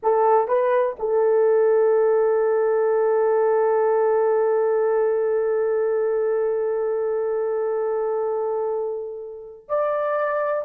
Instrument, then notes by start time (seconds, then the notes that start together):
horn
0.02 A4
0.48 B4
0.99 A4
9.68 D5